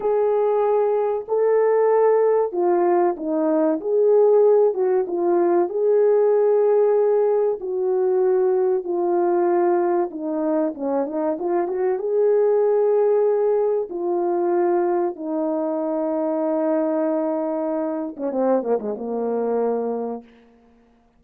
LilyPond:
\new Staff \with { instrumentName = "horn" } { \time 4/4 \tempo 4 = 95 gis'2 a'2 | f'4 dis'4 gis'4. fis'8 | f'4 gis'2. | fis'2 f'2 |
dis'4 cis'8 dis'8 f'8 fis'8 gis'4~ | gis'2 f'2 | dis'1~ | dis'8. cis'16 c'8 ais16 gis16 ais2 | }